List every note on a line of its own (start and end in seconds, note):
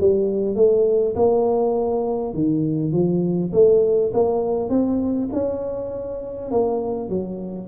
0.00 0.55 G3
0.55 1.14 A3
1.15 2.33 A#3
2.33 2.92 D#3
2.92 3.51 F3
3.52 4.12 A3
4.13 4.69 A#3
4.69 5.28 C4
5.32 6.50 C#4
6.50 7.09 A#3
7.09 7.67 F#3